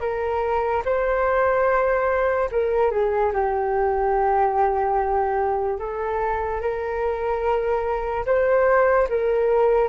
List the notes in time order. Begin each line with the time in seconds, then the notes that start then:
0.00 A#4
0.85 C5
2.51 A#4
2.91 G#4
3.33 G4
5.79 A4
6.61 A#4
8.25 C5
9.09 A#4